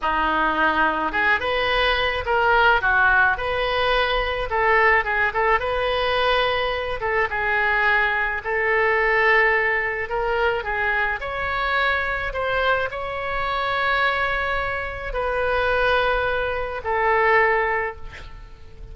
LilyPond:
\new Staff \with { instrumentName = "oboe" } { \time 4/4 \tempo 4 = 107 dis'2 gis'8 b'4. | ais'4 fis'4 b'2 | a'4 gis'8 a'8 b'2~ | b'8 a'8 gis'2 a'4~ |
a'2 ais'4 gis'4 | cis''2 c''4 cis''4~ | cis''2. b'4~ | b'2 a'2 | }